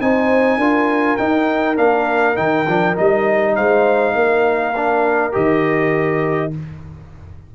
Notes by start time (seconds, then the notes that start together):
0.00 C4 D#4 C5 G#5
0.57 D4 F4 A#4
1.16 D#4 G5
1.75 A#3 D4 F5
2.35 D#3 D#4 G5
2.67 F3 D4
2.95 G3 D#4 D#5
3.55 G#3 C5 F5
4.14 A#3 A#4
4.76 D4
5.32 D#3 G4 D#5